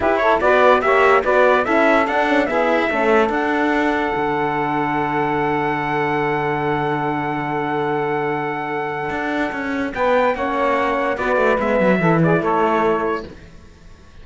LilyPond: <<
  \new Staff \with { instrumentName = "trumpet" } { \time 4/4 \tempo 4 = 145 b'8 cis''8 d''4 e''4 d''4 | e''4 fis''4 e''2 | fis''1~ | fis''1~ |
fis''1~ | fis''1 | g''4 fis''2 d''4 | e''4. d''8 cis''2 | }
  \new Staff \with { instrumentName = "saxophone" } { \time 4/4 g'8 a'8 b'4 cis''4 b'4 | a'2 gis'4 a'4~ | a'1~ | a'1~ |
a'1~ | a'1 | b'4 cis''2 b'4~ | b'4 a'8 gis'8 a'2 | }
  \new Staff \with { instrumentName = "horn" } { \time 4/4 e'4 fis'4 g'4 fis'4 | e'4 d'8 cis'8 b4 cis'4 | d'1~ | d'1~ |
d'1~ | d'1~ | d'4 cis'2 fis'4 | b4 e'2. | }
  \new Staff \with { instrumentName = "cello" } { \time 4/4 e'4 b4 ais4 b4 | cis'4 d'4 e'4 a4 | d'2 d2~ | d1~ |
d1~ | d2 d'4 cis'4 | b4 ais2 b8 a8 | gis8 fis8 e4 a2 | }
>>